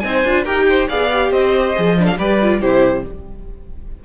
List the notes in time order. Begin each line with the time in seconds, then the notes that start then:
0.00 C4 D#4 G#5
0.07 C5
0.24 D4 F4
0.45 D#4 G4 A#4 G5
0.69 C5
0.88 B3 G#4 D5 F5
1.12 G4
1.31 C4 C5 D#5
1.76 F3 G#4
1.99 D4 A4 B4
2.07 F5
2.18 G3 G4 B4 D5
2.42 F4
2.60 C3 E4 G4 C5